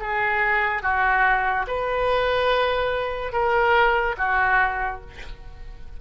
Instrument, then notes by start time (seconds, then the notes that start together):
oboe
0.00 G#4
0.83 F#4
1.67 B4
3.33 A#4
4.18 F#4